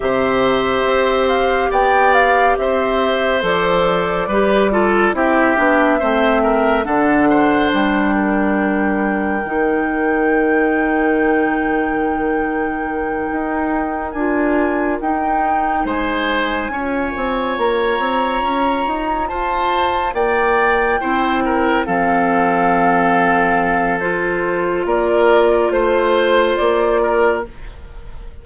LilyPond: <<
  \new Staff \with { instrumentName = "flute" } { \time 4/4 \tempo 4 = 70 e''4. f''8 g''8 f''8 e''4 | d''2 e''2 | fis''4 g''2.~ | g''1~ |
g''8 gis''4 g''4 gis''4.~ | gis''8 ais''2 a''4 g''8~ | g''4. f''2~ f''8 | c''4 d''4 c''4 d''4 | }
  \new Staff \with { instrumentName = "oboe" } { \time 4/4 c''2 d''4 c''4~ | c''4 b'8 a'8 g'4 c''8 ais'8 | a'8 c''4 ais'2~ ais'8~ | ais'1~ |
ais'2~ ais'8 c''4 cis''8~ | cis''2~ cis''8 c''4 d''8~ | d''8 c''8 ais'8 a'2~ a'8~ | a'4 ais'4 c''4. ais'8 | }
  \new Staff \with { instrumentName = "clarinet" } { \time 4/4 g'1 | a'4 g'8 f'8 e'8 d'8 c'4 | d'2. dis'4~ | dis'1~ |
dis'8 f'4 dis'2 f'8~ | f'1~ | f'8 e'4 c'2~ c'8 | f'1 | }
  \new Staff \with { instrumentName = "bassoon" } { \time 4/4 c4 c'4 b4 c'4 | f4 g4 c'8 b8 a4 | d4 g2 dis4~ | dis2.~ dis8 dis'8~ |
dis'8 d'4 dis'4 gis4 cis'8 | c'8 ais8 c'8 cis'8 dis'8 f'4 ais8~ | ais8 c'4 f2~ f8~ | f4 ais4 a4 ais4 | }
>>